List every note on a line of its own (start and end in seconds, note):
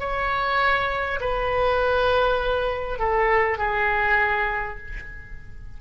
0.00 1.20 C#5
1.21 2.99 B4
2.99 3.58 A4
3.58 4.78 G#4